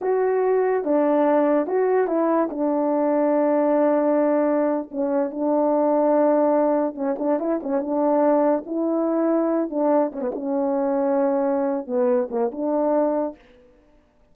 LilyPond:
\new Staff \with { instrumentName = "horn" } { \time 4/4 \tempo 4 = 144 fis'2 d'2 | fis'4 e'4 d'2~ | d'2.~ d'8. cis'16~ | cis'8. d'2.~ d'16~ |
d'8. cis'8 d'8 e'8 cis'8 d'4~ d'16~ | d'8. e'2~ e'8 d'8.~ | d'16 cis'16 b16 cis'2.~ cis'16~ | cis'8 b4 ais8 d'2 | }